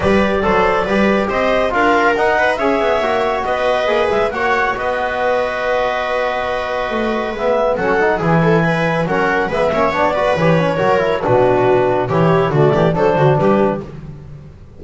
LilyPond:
<<
  \new Staff \with { instrumentName = "clarinet" } { \time 4/4 \tempo 4 = 139 d''2. dis''4 | f''4 fis''4 e''2 | dis''4. e''8 fis''4 dis''4~ | dis''1~ |
dis''4 e''4 fis''4 gis''4~ | gis''4 fis''4 e''4 d''4 | cis''2 b'2 | cis''4 d''4 c''4 b'4 | }
  \new Staff \with { instrumentName = "viola" } { \time 4/4 b'4 c''4 b'4 c''4 | ais'4. b'8 cis''2 | b'2 cis''4 b'4~ | b'1~ |
b'2 a'4 gis'8 a'8 | b'4 ais'4 b'8 cis''4 b'8~ | b'4 ais'4 fis'2 | g'4 fis'8 g'8 a'8 fis'8 g'4 | }
  \new Staff \with { instrumentName = "trombone" } { \time 4/4 g'4 a'4 g'2 | f'4 dis'4 gis'4 fis'4~ | fis'4 gis'4 fis'2~ | fis'1~ |
fis'4 b4 cis'8 dis'8 e'4~ | e'4 cis'4 b8 cis'8 d'8 fis'8 | g'8 cis'8 fis'8 e'8 d'2 | e'4 a4 d'2 | }
  \new Staff \with { instrumentName = "double bass" } { \time 4/4 g4 fis4 g4 c'4 | d'4 dis'4 cis'8 b8 ais4 | b4 ais8 gis8 ais4 b4~ | b1 |
a4 gis4 fis4 e4~ | e4 fis4 gis8 ais8 b4 | e4 fis4 b,2 | e4 d8 e8 fis8 d8 g4 | }
>>